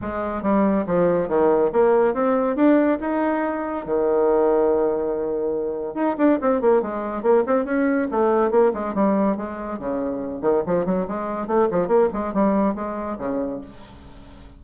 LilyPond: \new Staff \with { instrumentName = "bassoon" } { \time 4/4 \tempo 4 = 141 gis4 g4 f4 dis4 | ais4 c'4 d'4 dis'4~ | dis'4 dis2.~ | dis2 dis'8 d'8 c'8 ais8 |
gis4 ais8 c'8 cis'4 a4 | ais8 gis8 g4 gis4 cis4~ | cis8 dis8 f8 fis8 gis4 a8 f8 | ais8 gis8 g4 gis4 cis4 | }